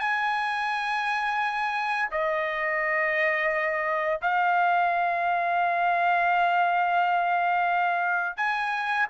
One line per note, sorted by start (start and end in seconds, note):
0.00 2.09 G#5
2.11 4.21 D#5
4.22 8.37 F5
8.37 9.07 G#5